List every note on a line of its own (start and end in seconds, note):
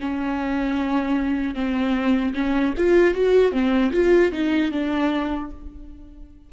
0.00 1.54 C#4
1.54 2.33 C4
2.34 2.74 C#4
2.77 3.14 F4
3.14 3.52 F#4
3.52 3.92 C4
3.92 4.32 F4
4.32 4.72 D#4
4.72 5.50 D4